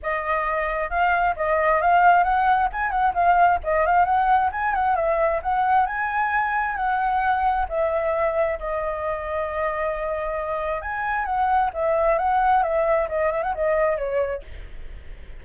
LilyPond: \new Staff \with { instrumentName = "flute" } { \time 4/4 \tempo 4 = 133 dis''2 f''4 dis''4 | f''4 fis''4 gis''8 fis''8 f''4 | dis''8 f''8 fis''4 gis''8 fis''8 e''4 | fis''4 gis''2 fis''4~ |
fis''4 e''2 dis''4~ | dis''1 | gis''4 fis''4 e''4 fis''4 | e''4 dis''8 e''16 fis''16 dis''4 cis''4 | }